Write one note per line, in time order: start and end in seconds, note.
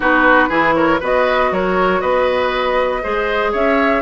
0.00 0.49 B3
0.00 0.49 D#4
0.00 0.49 F#4
0.00 0.74 B4
0.49 1.00 E3
0.49 1.00 E4
0.49 0.74 G#4
0.74 1.00 A#4
0.74 0.99 C#5
1.00 1.51 B3
1.00 3.03 F#4
1.00 1.50 B4
1.00 1.53 D#5
1.51 2.01 F#3
1.51 2.01 A#4
1.51 2.00 C#5
2.00 3.02 B3
2.00 3.02 B4
2.00 3.51 D#5
3.03 3.53 G#3
3.03 4.01 G#4
3.03 3.51 C5
3.51 4.01 C#4
3.51 4.01 C#5
3.51 4.01 E5